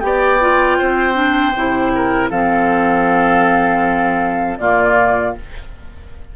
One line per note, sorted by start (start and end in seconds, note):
0.00 0.79 B3
0.00 0.40 G4
0.00 0.78 D5
0.00 2.28 G5
0.40 1.14 F4
0.78 1.55 C4
0.78 1.92 C5
1.14 1.52 D4
1.55 2.30 C3
1.55 2.31 E4
1.95 2.30 A#4
2.30 4.58 F3
2.30 4.59 C4
2.30 4.58 A4
2.30 4.58 F5
4.58 5.36 A#2
4.58 5.36 A#3
4.58 5.36 F4
4.58 5.34 D5